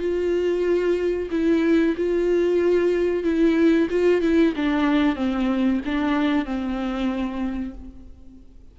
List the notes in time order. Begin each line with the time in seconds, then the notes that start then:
0.00 F4
1.31 E4
1.97 F4
3.24 E4
3.90 F4
4.22 E4
4.56 D4
5.16 C4
5.85 D4
6.45 C4